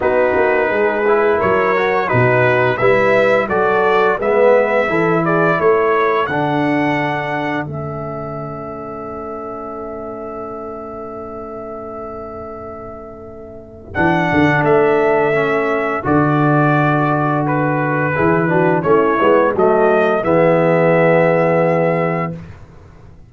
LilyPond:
<<
  \new Staff \with { instrumentName = "trumpet" } { \time 4/4 \tempo 4 = 86 b'2 cis''4 b'4 | e''4 d''4 e''4. d''8 | cis''4 fis''2 e''4~ | e''1~ |
e''1 | fis''4 e''2 d''4~ | d''4 b'2 cis''4 | dis''4 e''2. | }
  \new Staff \with { instrumentName = "horn" } { \time 4/4 fis'4 gis'4 ais'4 fis'4 | b'4 a'4 b'4 a'8 gis'8 | a'1~ | a'1~ |
a'1~ | a'1~ | a'2 gis'8 fis'8 e'4 | fis'4 gis'2. | }
  \new Staff \with { instrumentName = "trombone" } { \time 4/4 dis'4. e'4 fis'8 dis'4 | e'4 fis'4 b4 e'4~ | e'4 d'2 cis'4~ | cis'1~ |
cis'1 | d'2 cis'4 fis'4~ | fis'2 e'8 d'8 cis'8 b8 | a4 b2. | }
  \new Staff \with { instrumentName = "tuba" } { \time 4/4 b8 ais8 gis4 fis4 b,4 | g4 fis4 gis4 e4 | a4 d2 a4~ | a1~ |
a1 | e8 d8 a2 d4~ | d2 e4 a8 gis8 | fis4 e2. | }
>>